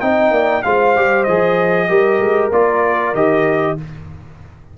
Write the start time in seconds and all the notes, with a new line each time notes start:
0.00 C4 D#4 D#5 G5
0.31 A#3 D5
0.62 G#3 F4 C5 F5
0.96 G3 G4
1.23 F3 G#4 D#5
1.89 G3 G4 A#4
2.20 G#3
2.52 A#3 F4 D5
3.14 D#3 G4 D#5